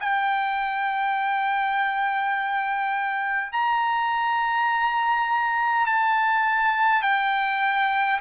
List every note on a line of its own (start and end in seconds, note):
0.00 3.52 G5
3.52 5.86 A#5
5.86 7.02 A5
7.02 8.19 G5